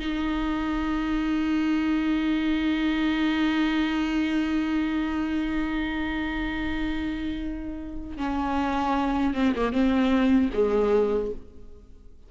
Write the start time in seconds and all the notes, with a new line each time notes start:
0.00 D#4
8.17 C#4
9.34 C4
9.56 A#3
9.73 C4
10.53 G#3